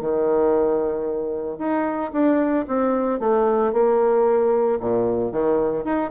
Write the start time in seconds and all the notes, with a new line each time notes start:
0.00 D#3
1.58 D#4
2.12 D4
2.67 C4
3.20 A3
3.73 A#3
4.80 A#2
5.32 D#3
5.84 D#4